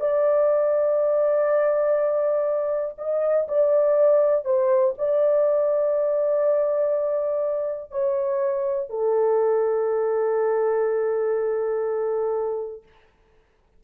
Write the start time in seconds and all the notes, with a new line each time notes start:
0.00 D5
2.98 D#5
3.48 D5
4.45 C5
4.98 D5
7.91 C#5
8.89 A4